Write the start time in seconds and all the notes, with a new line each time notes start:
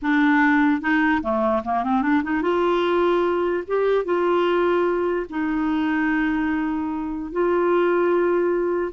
0.01 D4
0.81 D#4
1.22 A3
1.64 A#3
1.83 C4
2.02 D4
2.23 D#4
2.42 F4
3.67 G4
4.04 F4
5.29 D#4
7.32 F4